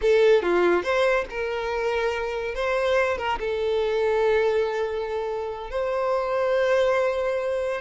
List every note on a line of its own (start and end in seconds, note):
0.01 0.42 A4
0.42 0.83 F4
0.83 1.25 C5
1.30 2.54 A#4
2.54 3.17 C5
3.17 3.38 A#4
3.39 5.70 A4
5.70 7.81 C5